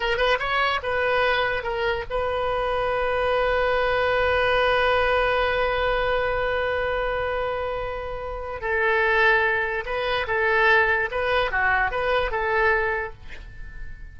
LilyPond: \new Staff \with { instrumentName = "oboe" } { \time 4/4 \tempo 4 = 146 ais'8 b'8 cis''4 b'2 | ais'4 b'2.~ | b'1~ | b'1~ |
b'1~ | b'4 a'2. | b'4 a'2 b'4 | fis'4 b'4 a'2 | }